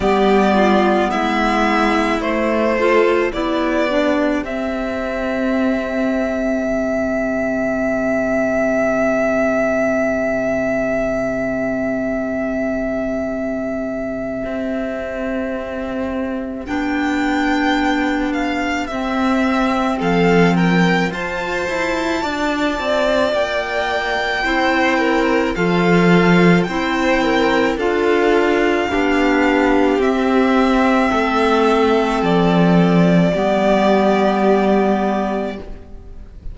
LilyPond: <<
  \new Staff \with { instrumentName = "violin" } { \time 4/4 \tempo 4 = 54 d''4 e''4 c''4 d''4 | e''1~ | e''1~ | e''2. g''4~ |
g''8 f''8 e''4 f''8 g''8 a''4~ | a''4 g''2 f''4 | g''4 f''2 e''4~ | e''4 d''2. | }
  \new Staff \with { instrumentName = "violin" } { \time 4/4 g'8 f'8 e'4. a'8 g'4~ | g'1~ | g'1~ | g'1~ |
g'2 a'8 ais'8 c''4 | d''2 c''8 ais'8 a'4 | c''8 ais'8 a'4 g'2 | a'2 g'2 | }
  \new Staff \with { instrumentName = "clarinet" } { \time 4/4 b2 a8 f'8 e'8 d'8 | c'1~ | c'1~ | c'2. d'4~ |
d'4 c'2 f'4~ | f'2 e'4 f'4 | e'4 f'4 d'4 c'4~ | c'2 b2 | }
  \new Staff \with { instrumentName = "cello" } { \time 4/4 g4 gis4 a4 b4 | c'2 c2~ | c1~ | c4 c'2 b4~ |
b4 c'4 f4 f'8 e'8 | d'8 c'8 ais4 c'4 f4 | c'4 d'4 b4 c'4 | a4 f4 g2 | }
>>